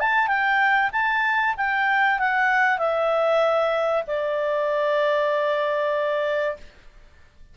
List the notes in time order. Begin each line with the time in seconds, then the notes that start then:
0.00 A5
0.28 G5
0.93 A5
1.57 G5
2.19 F#5
2.79 E5
4.07 D5